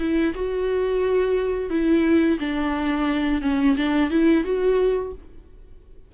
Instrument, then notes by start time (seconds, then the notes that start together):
viola
0.00 E4
0.35 F#4
1.70 E4
2.40 D4
3.42 C#4
3.77 D4
4.11 E4
4.44 F#4